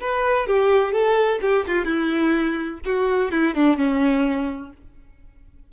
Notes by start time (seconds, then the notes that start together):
0.00 B4
0.47 G4
0.92 A4
1.42 G4
1.67 F4
1.85 E4
2.85 F#4
3.31 E4
3.54 D4
3.77 C#4